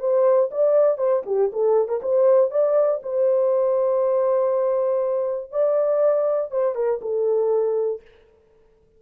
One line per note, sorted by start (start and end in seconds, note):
0.00 0.50 C5
0.51 0.98 D5
0.98 1.23 C5
1.26 1.51 G4
1.53 1.88 A4
1.88 2.00 A#4
2.02 2.51 C5
2.51 3.01 D5
3.02 5.51 C5
5.51 6.51 D5
6.51 6.75 C5
6.75 7.00 A#4
7.01 8.01 A4